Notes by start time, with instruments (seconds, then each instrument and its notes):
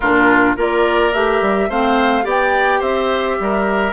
0.00 bassoon A#2, clarinet D4, oboe F4, flute A#4
0.56 bassoon A#3, clarinet F4, oboe A#4, flute D5
1.13 bassoon A3, clarinet G4, flute E5
1.41 bassoon G3
1.69 bassoon A3, clarinet C4, oboe C5, flute F5
2.22 bassoon B3, clarinet G4, oboe D5
2.29 flute G5
2.79 bassoon C4, oboe C5, flute E5
3.39 bassoon G3, oboe A#4